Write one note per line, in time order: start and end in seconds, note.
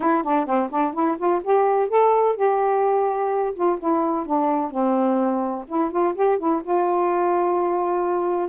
0.00 0.23 E4
0.23 0.46 D4
0.46 0.69 C4
0.70 0.93 D4
0.93 1.17 E4
1.18 1.41 F4
1.43 1.88 G4
1.88 2.36 A4
2.36 3.54 G4
3.54 3.78 F4
3.79 4.26 E4
4.26 4.70 D4
4.70 5.65 C4
5.67 5.90 E4
5.90 6.14 F4
6.15 6.38 G4
6.38 6.61 E4
6.63 8.48 F4